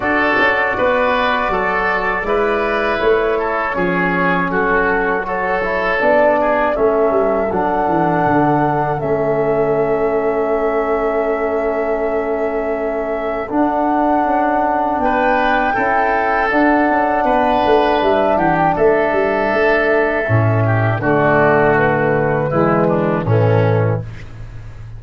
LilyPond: <<
  \new Staff \with { instrumentName = "flute" } { \time 4/4 \tempo 4 = 80 d''1 | cis''2 a'4 cis''4 | d''4 e''4 fis''2 | e''1~ |
e''2 fis''2 | g''2 fis''2 | e''8 fis''16 g''16 e''2. | d''4 b'2 a'4 | }
  \new Staff \with { instrumentName = "oboe" } { \time 4/4 a'4 b'4 a'4 b'4~ | b'8 a'8 gis'4 fis'4 a'4~ | a'8 gis'8 a'2.~ | a'1~ |
a'1 | b'4 a'2 b'4~ | b'8 g'8 a'2~ a'8 g'8 | fis'2 e'8 d'8 cis'4 | }
  \new Staff \with { instrumentName = "trombone" } { \time 4/4 fis'2. e'4~ | e'4 cis'2 fis'8 e'8 | d'4 cis'4 d'2 | cis'1~ |
cis'2 d'2~ | d'4 e'4 d'2~ | d'2. cis'4 | a2 gis4 e4 | }
  \new Staff \with { instrumentName = "tuba" } { \time 4/4 d'8 cis'8 b4 fis4 gis4 | a4 f4 fis2 | b4 a8 g8 fis8 e8 d4 | a1~ |
a2 d'4 cis'4 | b4 cis'4 d'8 cis'8 b8 a8 | g8 e8 a8 g8 a4 a,4 | d2 e4 a,4 | }
>>